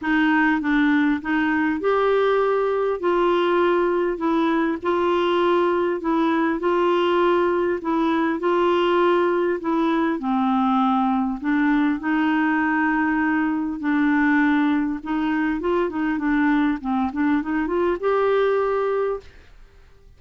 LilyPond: \new Staff \with { instrumentName = "clarinet" } { \time 4/4 \tempo 4 = 100 dis'4 d'4 dis'4 g'4~ | g'4 f'2 e'4 | f'2 e'4 f'4~ | f'4 e'4 f'2 |
e'4 c'2 d'4 | dis'2. d'4~ | d'4 dis'4 f'8 dis'8 d'4 | c'8 d'8 dis'8 f'8 g'2 | }